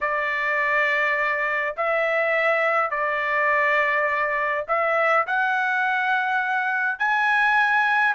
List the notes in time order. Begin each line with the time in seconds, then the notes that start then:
0.00 D5
1.77 E5
2.90 D5
4.68 E5
5.26 F#5
6.98 G#5